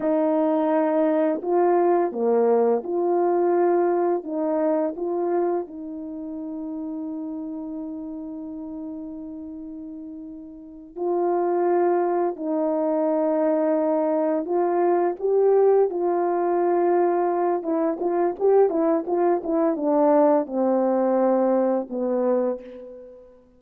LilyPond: \new Staff \with { instrumentName = "horn" } { \time 4/4 \tempo 4 = 85 dis'2 f'4 ais4 | f'2 dis'4 f'4 | dis'1~ | dis'2.~ dis'8 f'8~ |
f'4. dis'2~ dis'8~ | dis'8 f'4 g'4 f'4.~ | f'4 e'8 f'8 g'8 e'8 f'8 e'8 | d'4 c'2 b4 | }